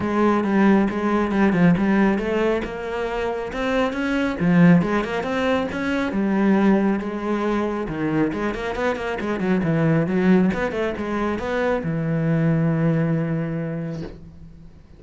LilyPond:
\new Staff \with { instrumentName = "cello" } { \time 4/4 \tempo 4 = 137 gis4 g4 gis4 g8 f8 | g4 a4 ais2 | c'4 cis'4 f4 gis8 ais8 | c'4 cis'4 g2 |
gis2 dis4 gis8 ais8 | b8 ais8 gis8 fis8 e4 fis4 | b8 a8 gis4 b4 e4~ | e1 | }